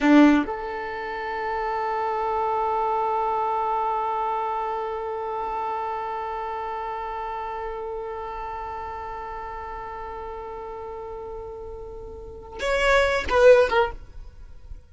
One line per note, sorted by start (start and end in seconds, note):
0.00 0.44 D4
0.45 12.59 A4
12.59 13.24 C#5
13.29 13.69 B4
13.69 13.91 A#4